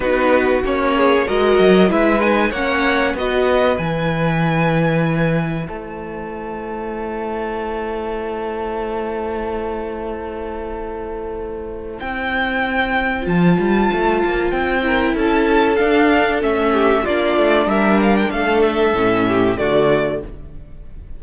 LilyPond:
<<
  \new Staff \with { instrumentName = "violin" } { \time 4/4 \tempo 4 = 95 b'4 cis''4 dis''4 e''8 gis''8 | fis''4 dis''4 gis''2~ | gis''4 a''2.~ | a''1~ |
a''2. g''4~ | g''4 a''2 g''4 | a''4 f''4 e''4 d''4 | e''8 f''16 g''16 f''8 e''4. d''4 | }
  \new Staff \with { instrumentName = "violin" } { \time 4/4 fis'4. gis'8 ais'4 b'4 | cis''4 b'2.~ | b'4 c''2.~ | c''1~ |
c''1~ | c''2.~ c''8 ais'8 | a'2~ a'8 g'8 f'4 | ais'4 a'4. g'8 fis'4 | }
  \new Staff \with { instrumentName = "viola" } { \time 4/4 dis'4 cis'4 fis'4 e'8 dis'8 | cis'4 fis'4 e'2~ | e'1~ | e'1~ |
e'1~ | e'4 f'2~ f'8 e'8~ | e'4 d'4 cis'4 d'4~ | d'2 cis'4 a4 | }
  \new Staff \with { instrumentName = "cello" } { \time 4/4 b4 ais4 gis8 fis8 gis4 | ais4 b4 e2~ | e4 a2.~ | a1~ |
a2. c'4~ | c'4 f8 g8 a8 ais8 c'4 | cis'4 d'4 a4 ais8 a8 | g4 a4 a,4 d4 | }
>>